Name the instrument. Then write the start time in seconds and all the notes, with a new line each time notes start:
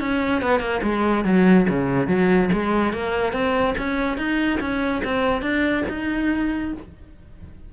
cello
0.00 C#4
0.42 B3
0.60 A#3
0.83 G#3
1.25 F#3
1.69 C#3
2.08 F#3
2.53 G#3
2.93 A#3
3.33 C4
3.78 C#4
4.17 D#4
4.60 C#4
5.04 C4
5.42 D4
5.89 D#4